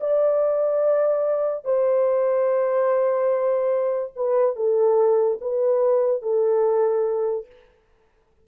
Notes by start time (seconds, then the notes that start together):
0.00 D5
1.64 C5
4.15 B4
4.56 A4
5.41 B4
6.22 A4